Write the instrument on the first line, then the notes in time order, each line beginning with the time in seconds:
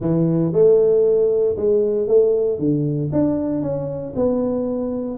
tuba
0.00 E3
0.52 A3
1.56 G#3
2.07 A3
2.59 D3
3.12 D4
3.62 C#4
4.15 B3